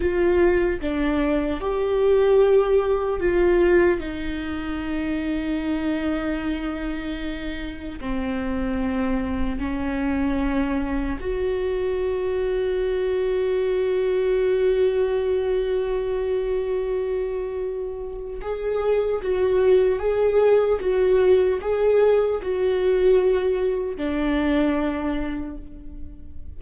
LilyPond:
\new Staff \with { instrumentName = "viola" } { \time 4/4 \tempo 4 = 75 f'4 d'4 g'2 | f'4 dis'2.~ | dis'2 c'2 | cis'2 fis'2~ |
fis'1~ | fis'2. gis'4 | fis'4 gis'4 fis'4 gis'4 | fis'2 d'2 | }